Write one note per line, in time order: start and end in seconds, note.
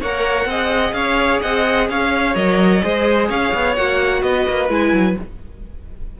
0.00 0.45 A#3
0.00 0.51 A#4
0.00 0.47 C#5
0.00 0.93 F#5
0.45 0.92 C4
0.45 2.35 G#4
0.45 0.96 D#5
0.92 1.39 C#4
0.92 1.42 C#5
0.92 1.40 F5
1.41 1.89 C4
1.41 1.89 D#5
1.41 1.88 F#5
1.89 2.35 C#4
1.89 2.83 C#5
1.89 2.35 F5
2.35 2.82 F#3
2.35 2.81 A#4
2.35 3.29 D#5
2.81 3.29 G#3
2.81 3.75 G#4
2.81 3.28 C5
3.28 3.53 C#4
3.28 4.21 C#5
3.28 3.75 F5
3.54 3.77 B3
3.75 4.22 A#3
3.75 4.69 F#4
3.75 4.22 F#5
4.22 4.46 B3
4.22 5.20 B4
4.22 4.69 D#5
4.48 4.69 A#3
4.69 4.92 G#3
4.69 5.16 E4
4.69 5.18 G#5
4.92 5.16 F#3